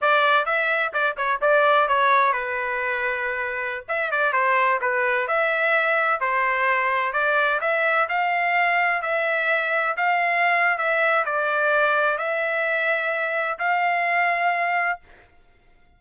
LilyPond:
\new Staff \with { instrumentName = "trumpet" } { \time 4/4 \tempo 4 = 128 d''4 e''4 d''8 cis''8 d''4 | cis''4 b'2.~ | b'16 e''8 d''8 c''4 b'4 e''8.~ | e''4~ e''16 c''2 d''8.~ |
d''16 e''4 f''2 e''8.~ | e''4~ e''16 f''4.~ f''16 e''4 | d''2 e''2~ | e''4 f''2. | }